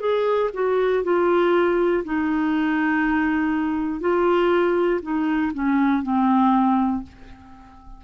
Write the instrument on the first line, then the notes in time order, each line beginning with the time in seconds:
clarinet
0.00 G#4
0.54 F#4
1.04 F4
2.05 D#4
4.00 F4
5.02 D#4
5.54 C#4
6.02 C4